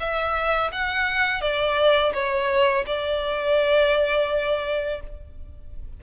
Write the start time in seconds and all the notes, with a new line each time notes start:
0.00 E5
0.72 F#5
1.41 D5
2.14 C#5
2.86 D5